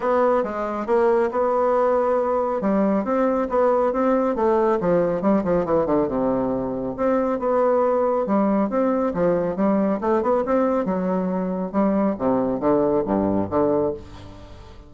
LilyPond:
\new Staff \with { instrumentName = "bassoon" } { \time 4/4 \tempo 4 = 138 b4 gis4 ais4 b4~ | b2 g4 c'4 | b4 c'4 a4 f4 | g8 f8 e8 d8 c2 |
c'4 b2 g4 | c'4 f4 g4 a8 b8 | c'4 fis2 g4 | c4 d4 g,4 d4 | }